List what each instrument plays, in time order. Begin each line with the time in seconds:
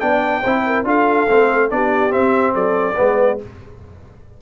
0.00 tuba B3, trombone D4, horn D5, trumpet G5
0.41 tuba C4, trombone E4, horn C5
0.66 horn A#4
0.84 tuba D4, trombone F4, horn A4, trumpet F5
1.29 tuba A3, trombone C4
1.70 tuba B3, trombone D4, horn G4, trumpet D5
2.10 trombone C4, tuba C4, trumpet E5
2.54 tuba F#3, horn A4, trumpet D5
2.96 tuba G#3, trombone B3, horn B4